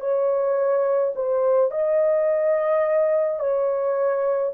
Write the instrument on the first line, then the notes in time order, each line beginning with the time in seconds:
horn
0.00 C#5
1.15 C5
1.71 D#5
3.39 C#5